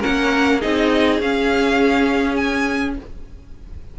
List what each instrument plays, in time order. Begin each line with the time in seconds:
0.00 viola C#4, violin A#4 F#5
0.06 cello A#3
0.59 cello C4, viola D#4, violin G#4 D#5
1.20 cello C#4, viola C#4, violin F5
2.36 violin G#5